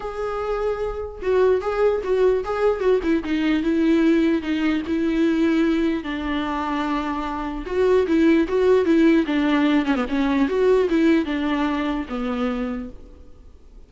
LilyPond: \new Staff \with { instrumentName = "viola" } { \time 4/4 \tempo 4 = 149 gis'2. fis'4 | gis'4 fis'4 gis'4 fis'8 e'8 | dis'4 e'2 dis'4 | e'2. d'4~ |
d'2. fis'4 | e'4 fis'4 e'4 d'4~ | d'8 cis'16 b16 cis'4 fis'4 e'4 | d'2 b2 | }